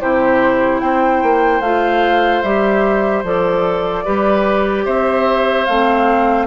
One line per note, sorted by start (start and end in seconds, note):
0.00 0.82 C3
0.00 1.62 E4
0.00 0.81 G4
0.00 0.80 C5
0.80 1.22 C4
0.80 4.05 C5
0.80 1.61 G5
1.22 1.60 A#3
1.60 2.41 A3
1.60 2.44 F4
1.60 2.42 F5
2.42 3.23 G3
2.42 3.24 G4
2.42 3.23 E5
3.23 4.04 F3
3.23 4.05 A4
3.23 4.86 D5
4.05 4.85 G3
4.05 5.67 G4
4.05 4.85 B4
4.85 5.67 C4
4.85 6.47 C5
4.85 5.65 E5
5.65 6.47 A3
5.65 6.47 C4
5.65 6.46 F5